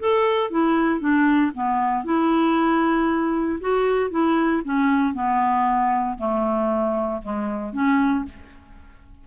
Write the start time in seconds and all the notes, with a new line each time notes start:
0.00 A4
0.51 E4
1.00 D4
1.55 B3
2.05 E4
3.61 F#4
4.11 E4
4.65 C#4
5.14 B3
6.18 A3
7.23 G#3
7.73 C#4